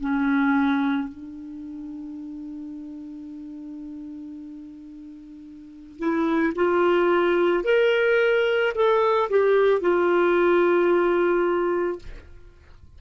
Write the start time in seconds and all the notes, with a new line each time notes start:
0.00 C#4
1.08 D4
5.98 E4
6.55 F4
7.64 A#4
8.75 A4
9.30 G4
9.81 F4